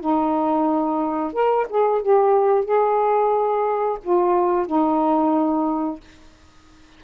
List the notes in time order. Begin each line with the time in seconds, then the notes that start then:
0.00 D#4
1.33 A#4
1.69 G#4
2.02 G4
2.65 G#4
4.03 F4
4.67 D#4